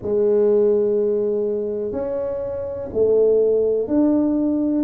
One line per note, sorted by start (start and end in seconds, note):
0.01 1.92 G#3
1.92 2.89 C#4
2.93 3.87 A3
3.87 4.84 D4